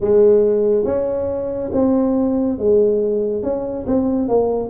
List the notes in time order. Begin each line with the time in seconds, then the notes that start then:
0.00 G#3
0.85 C#4
1.72 C4
2.58 G#3
3.42 C#4
3.86 C4
4.28 A#3